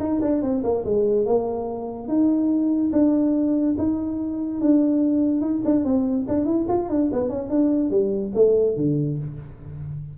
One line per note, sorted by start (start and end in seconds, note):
0.00 0.21 D#4
0.22 0.42 D4
0.42 0.63 C4
0.64 0.85 A#3
0.85 1.26 G#3
1.26 2.08 A#3
2.08 2.91 D#4
2.92 3.76 D4
3.78 4.61 D#4
4.61 5.41 D4
5.41 5.62 D#4
5.65 5.85 D4
5.85 6.26 C4
6.28 6.45 D4
6.45 6.66 E4
6.69 6.89 F4
6.89 7.10 D4
7.13 7.30 B3
7.30 7.50 C#4
7.50 7.91 D4
7.91 8.32 G3
8.35 8.77 A3
8.77 9.18 D3